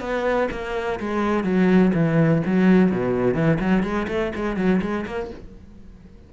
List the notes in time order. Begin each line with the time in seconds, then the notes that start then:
0.00 B3
0.51 A#3
1.00 G#3
1.44 F#3
1.94 E3
2.46 F#3
2.91 B2
3.34 E3
3.60 F#3
3.83 G#3
4.08 A3
4.35 G#3
4.57 F#3
4.81 G#3
5.06 A#3